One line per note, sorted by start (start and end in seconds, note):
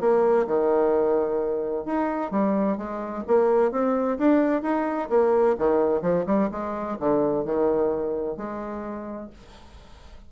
0.00 0.47 A#3
0.47 1.85 D#3
1.85 2.31 D#4
2.31 2.77 G3
2.77 3.24 G#3
3.27 3.71 A#3
3.71 4.18 C4
4.18 4.62 D4
4.62 5.09 D#4
5.09 5.56 A#3
5.58 6.02 D#3
6.02 6.25 F3
6.26 6.49 G3
6.51 6.98 G#3
6.99 7.45 D3
7.45 8.37 D#3
8.37 9.30 G#3